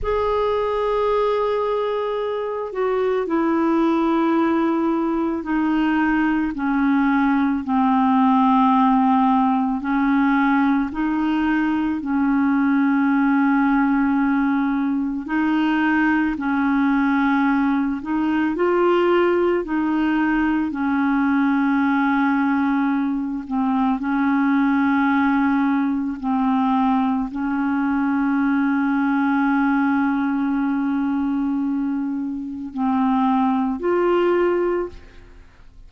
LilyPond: \new Staff \with { instrumentName = "clarinet" } { \time 4/4 \tempo 4 = 55 gis'2~ gis'8 fis'8 e'4~ | e'4 dis'4 cis'4 c'4~ | c'4 cis'4 dis'4 cis'4~ | cis'2 dis'4 cis'4~ |
cis'8 dis'8 f'4 dis'4 cis'4~ | cis'4. c'8 cis'2 | c'4 cis'2.~ | cis'2 c'4 f'4 | }